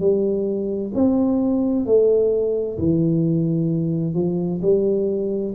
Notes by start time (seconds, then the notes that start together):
0.00 G3
0.94 C4
1.86 A3
2.79 E3
4.15 F3
4.62 G3